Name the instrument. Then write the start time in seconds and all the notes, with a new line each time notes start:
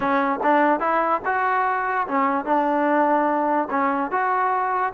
trombone
0.00 C#4
0.43 D4
0.80 E4
1.25 F#4
2.07 C#4
2.45 D4
3.70 C#4
4.11 F#4